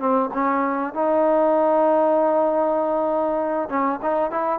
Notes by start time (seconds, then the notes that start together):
0.00 C4
0.34 C#4
0.94 D#4
3.70 C#4
4.02 D#4
4.31 E4